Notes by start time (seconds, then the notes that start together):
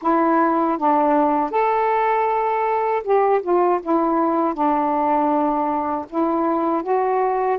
0.02 E4
0.78 D4
1.50 A4
3.03 G4
3.42 F4
3.83 E4
4.54 D4
6.09 E4
6.82 F#4